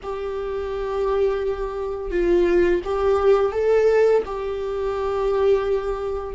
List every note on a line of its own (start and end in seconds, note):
0.03 2.10 G4
2.10 2.81 F4
2.84 3.52 G4
3.52 4.22 A4
4.25 6.34 G4